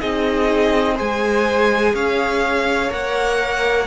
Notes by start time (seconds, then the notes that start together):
0.00 C4 D#4 G#4 D#5
0.95 G#3 G#4 C5 G#5
1.94 C#4 C#5 F5
2.89 A#3 A#4 F#5